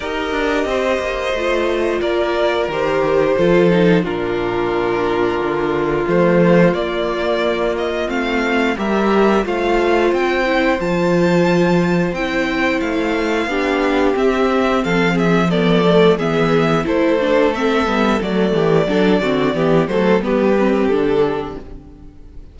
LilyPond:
<<
  \new Staff \with { instrumentName = "violin" } { \time 4/4 \tempo 4 = 89 dis''2. d''4 | c''2 ais'2~ | ais'4 c''4 d''4. dis''8 | f''4 e''4 f''4 g''4 |
a''2 g''4 f''4~ | f''4 e''4 f''8 e''8 d''4 | e''4 c''4 e''4 d''4~ | d''4. c''8 b'4 a'4 | }
  \new Staff \with { instrumentName = "violin" } { \time 4/4 ais'4 c''2 ais'4~ | ais'4 a'4 f'2~ | f'1~ | f'4 ais'4 c''2~ |
c''1 | g'2 a'8 gis'8 a'4 | gis'4 a'2~ a'8 g'8 | a'8 fis'8 g'8 a'8 g'2 | }
  \new Staff \with { instrumentName = "viola" } { \time 4/4 g'2 f'2 | g'4 f'8 dis'8 d'2~ | d'4 a4 ais2 | c'4 g'4 f'4. e'8 |
f'2 e'2 | d'4 c'2 b8 a8 | b4 e'8 d'8 c'8 b8 a4 | d'8 c'8 b8 a8 b8 c'8 d'4 | }
  \new Staff \with { instrumentName = "cello" } { \time 4/4 dis'8 d'8 c'8 ais8 a4 ais4 | dis4 f4 ais,2 | d4 f4 ais2 | a4 g4 a4 c'4 |
f2 c'4 a4 | b4 c'4 f2 | e4 a4. g8 fis8 e8 | fis8 d8 e8 fis8 g4 d4 | }
>>